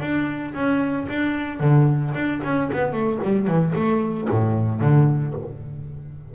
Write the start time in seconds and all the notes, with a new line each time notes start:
0.00 D4
0.54 C#4
1.09 D4
1.60 D3
2.14 D4
2.44 C#4
2.72 B3
2.92 A3
3.22 G3
3.47 E3
3.75 A3
4.30 A2
4.81 D3